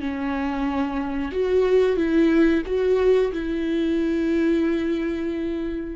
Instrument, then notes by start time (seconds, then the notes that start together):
viola
0.00 C#4
1.32 F#4
1.96 E4
2.66 F#4
3.32 E4